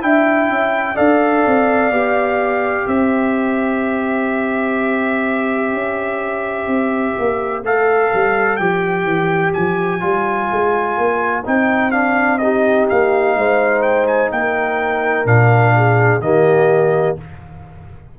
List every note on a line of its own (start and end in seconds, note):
0.00 0.49 D4
0.00 0.95 E4
0.00 0.96 E5
0.00 0.97 G5
0.49 0.97 C#4
0.96 1.46 D4
0.96 1.91 A4
0.96 2.86 D5
0.96 2.87 F5
1.47 1.91 C4
1.91 2.86 B3
1.91 7.63 G4
2.86 5.73 C4
2.86 12.39 C5
2.86 7.64 E5
5.73 6.67 C#4
6.67 7.14 C4
7.19 7.63 A#3
7.63 8.11 A3
7.63 8.60 A4
7.63 8.57 F5
8.14 8.60 G3
8.57 9.05 F3
8.57 10.01 G4
8.57 9.52 G5
9.05 9.53 E3
9.54 10.03 F3
9.54 11.44 G#5
10.01 10.50 G3
10.01 11.43 F4
10.51 10.98 G#3
10.98 11.45 A#3
11.45 12.90 C4
11.45 11.92 D#4
11.45 11.92 G5
11.92 12.39 D4
11.92 12.38 F5
12.38 15.26 D#4
12.38 13.37 G4
12.38 12.86 D#5
12.90 13.36 A#3
12.90 13.83 F5
13.36 14.31 G#3
13.36 14.33 C5
13.83 14.06 G5
14.07 14.31 G#5
14.31 15.26 A#3
14.31 15.75 A#4
14.31 15.27 G5
15.26 16.20 A#2
15.26 16.21 D4
15.26 16.22 F5
15.76 16.24 G#4
16.20 17.15 D#3
16.20 17.18 A#3
16.20 17.19 G4
16.20 17.17 D#5